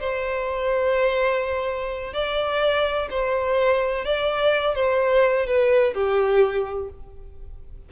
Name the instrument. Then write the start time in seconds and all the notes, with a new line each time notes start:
violin
0.00 C5
2.13 D5
3.10 C5
4.05 D5
4.75 C5
5.47 B4
5.94 G4